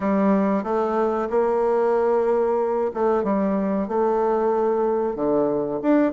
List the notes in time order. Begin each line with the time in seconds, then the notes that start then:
0.00 G3
0.63 A3
1.29 A#3
2.94 A3
3.23 G3
3.87 A3
5.15 D3
5.82 D4